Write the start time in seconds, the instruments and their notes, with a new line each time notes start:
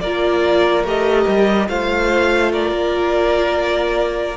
0.00 cello A#3, viola F4, violin A#4 D5
0.83 cello A3, viola G4, violin D#5
1.27 cello G3
1.68 cello A3, viola F4, violin C5 F5
2.51 violin A#4 D5
2.71 cello A#3